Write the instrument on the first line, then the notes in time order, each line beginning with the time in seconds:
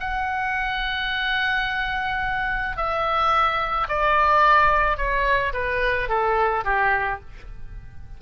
oboe
0.00 F#5
2.77 E5
3.89 D5
4.97 C#5
5.54 B4
6.09 A4
6.65 G4